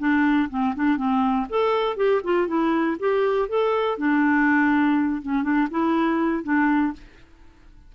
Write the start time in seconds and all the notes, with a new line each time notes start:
0.00 D4
0.50 C4
0.76 D4
0.97 C4
1.50 A4
1.97 G4
2.24 F4
2.48 E4
3.00 G4
3.49 A4
3.98 D4
5.23 C#4
5.43 D4
5.71 E4
6.44 D4